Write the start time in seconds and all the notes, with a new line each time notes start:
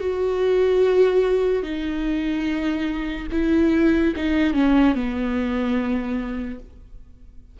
0.00 F#4
1.63 D#4
3.32 E4
4.16 D#4
4.54 C#4
4.95 B3